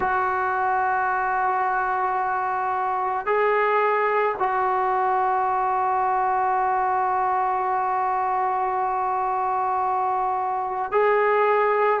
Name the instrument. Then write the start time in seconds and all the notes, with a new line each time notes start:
trombone
0.00 F#4
3.26 G#4
4.38 F#4
10.91 G#4